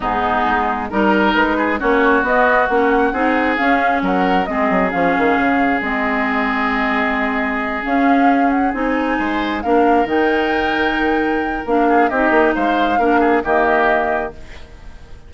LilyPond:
<<
  \new Staff \with { instrumentName = "flute" } { \time 4/4 \tempo 4 = 134 gis'2 ais'4 b'4 | cis''4 dis''4 fis''2 | f''4 fis''4 dis''4 f''4~ | f''4 dis''2.~ |
dis''4. f''4. fis''8 gis''8~ | gis''4. f''4 g''4.~ | g''2 f''4 dis''4 | f''2 dis''2 | }
  \new Staff \with { instrumentName = "oboe" } { \time 4/4 dis'2 ais'4. gis'8 | fis'2. gis'4~ | gis'4 ais'4 gis'2~ | gis'1~ |
gis'1~ | gis'8 c''4 ais'2~ ais'8~ | ais'2~ ais'8 gis'8 g'4 | c''4 ais'8 gis'8 g'2 | }
  \new Staff \with { instrumentName = "clarinet" } { \time 4/4 b2 dis'2 | cis'4 b4 cis'4 dis'4 | cis'2 c'4 cis'4~ | cis'4 c'2.~ |
c'4. cis'2 dis'8~ | dis'4. d'4 dis'4.~ | dis'2 d'4 dis'4~ | dis'4 d'4 ais2 | }
  \new Staff \with { instrumentName = "bassoon" } { \time 4/4 gis,4 gis4 g4 gis4 | ais4 b4 ais4 c'4 | cis'4 fis4 gis8 fis8 f8 dis8 | cis4 gis2.~ |
gis4. cis'2 c'8~ | c'8 gis4 ais4 dis4.~ | dis2 ais4 c'8 ais8 | gis4 ais4 dis2 | }
>>